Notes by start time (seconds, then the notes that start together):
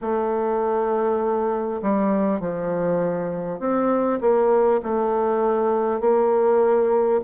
0.01 A3
1.82 G3
2.40 F3
3.59 C4
4.21 A#3
4.82 A3
6.00 A#3